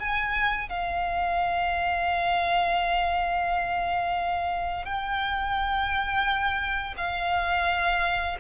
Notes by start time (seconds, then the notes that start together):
0.00 G#5
0.69 F5
4.86 G5
6.98 F5